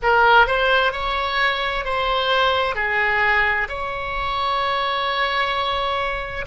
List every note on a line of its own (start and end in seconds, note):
0.02 0.47 A#4
0.47 0.92 C5
0.92 1.84 C#5
1.85 2.75 C5
2.75 3.67 G#4
3.68 6.45 C#5